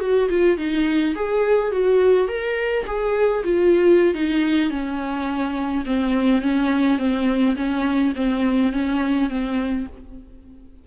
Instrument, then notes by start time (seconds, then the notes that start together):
viola
0.00 F#4
0.29 F4
0.58 D#4
1.15 G#4
1.72 F#4
2.28 A#4
2.86 G#4
3.44 F4
4.14 D#4
4.70 C#4
5.86 C4
6.42 C#4
6.98 C4
7.56 C#4
8.16 C4
8.72 C#4
9.30 C4